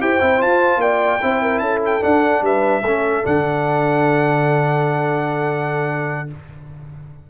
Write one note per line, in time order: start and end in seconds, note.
0.00 0.20 E4
0.00 0.20 G4
0.00 0.81 C5
0.00 0.41 G5
0.20 0.41 C4
0.20 0.38 E4
0.38 1.19 F4
0.38 0.77 F4
0.38 0.81 A5
0.77 1.17 A#3
0.77 1.22 D5
0.77 1.58 G5
1.21 1.60 C4
1.21 2.00 E4
1.21 1.41 C5
1.41 1.61 A#4
1.58 2.01 C#4
1.58 2.43 A4
1.58 1.79 A5
1.85 2.03 G5
2.00 2.81 D4
2.00 2.41 D4
2.00 2.44 F#5
2.41 2.81 G3
2.41 2.83 B4
2.41 3.25 E5
2.82 3.23 A3
2.82 3.23 C#4
2.82 6.28 A4
3.23 6.29 D3
3.23 6.27 D4
3.23 6.29 F#5